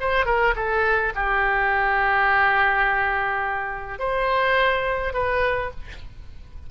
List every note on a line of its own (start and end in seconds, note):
0.00 0.25 C5
0.25 0.54 A#4
0.56 1.13 A4
1.15 3.99 G4
3.99 5.13 C5
5.13 5.70 B4